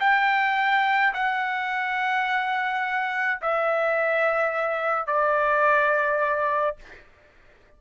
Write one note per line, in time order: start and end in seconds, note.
0.00 1.13 G5
1.14 3.40 F#5
3.42 5.07 E5
5.07 6.77 D5